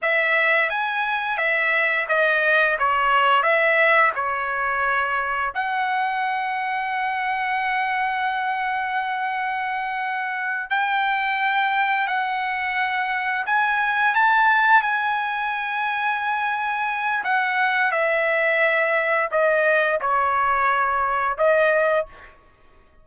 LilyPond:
\new Staff \with { instrumentName = "trumpet" } { \time 4/4 \tempo 4 = 87 e''4 gis''4 e''4 dis''4 | cis''4 e''4 cis''2 | fis''1~ | fis''2.~ fis''8 g''8~ |
g''4. fis''2 gis''8~ | gis''8 a''4 gis''2~ gis''8~ | gis''4 fis''4 e''2 | dis''4 cis''2 dis''4 | }